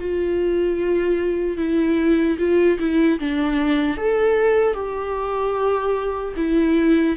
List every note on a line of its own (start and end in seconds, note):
0.00 1.57 F4
1.57 2.37 E4
2.39 2.79 F4
2.79 3.19 E4
3.20 3.97 D4
3.97 4.74 A4
4.74 6.34 G4
6.37 7.17 E4